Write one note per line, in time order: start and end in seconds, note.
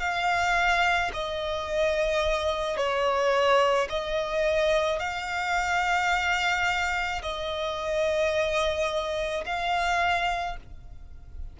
0.00 1.11 F5
1.13 2.77 D#5
2.77 3.88 C#5
3.89 4.99 D#5
4.99 7.22 F5
7.22 9.44 D#5
9.46 10.57 F5